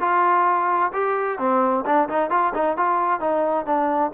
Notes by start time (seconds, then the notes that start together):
0.00 F4
0.93 G4
1.38 C4
1.85 D4
2.09 D#4
2.30 F4
2.54 D#4
2.77 F4
3.20 D#4
3.65 D4